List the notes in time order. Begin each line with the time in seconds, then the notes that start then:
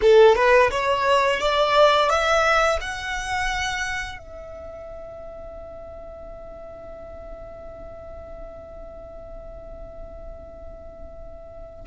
0.01 A4
0.35 B4
0.70 C#5
1.40 D5
2.09 E5
2.80 F#5
4.18 E5